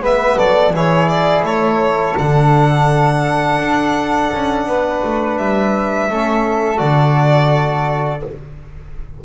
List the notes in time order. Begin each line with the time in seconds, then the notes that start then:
0.00 G#3 B3 B4 E5
0.38 F#3 A4 D5
0.71 E3 E4 G#4 C#5
1.09 D5
1.44 A3 A4 C#5
2.18 D3 D4 F#5
3.59 D4
4.33 C#4
4.67 B3 B4
5.04 A3
5.38 G3 E5
6.10 A3 C#4 A4
6.77 D3 F#4 D5